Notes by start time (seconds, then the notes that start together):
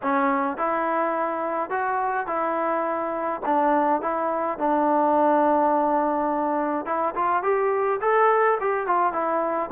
0.02 C#4
0.57 E4
1.69 F#4
2.26 E4
3.45 D4
4.01 E4
4.58 D4
6.85 E4
7.15 F4
7.42 G4
8.01 A4
8.60 G4
8.86 F4
9.12 E4